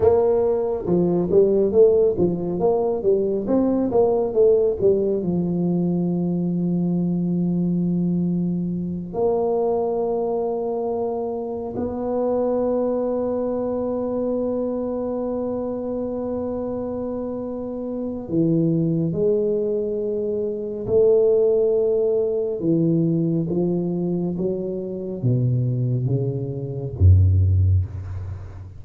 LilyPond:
\new Staff \with { instrumentName = "tuba" } { \time 4/4 \tempo 4 = 69 ais4 f8 g8 a8 f8 ais8 g8 | c'8 ais8 a8 g8 f2~ | f2~ f8 ais4.~ | ais4. b2~ b8~ |
b1~ | b4 e4 gis2 | a2 e4 f4 | fis4 b,4 cis4 fis,4 | }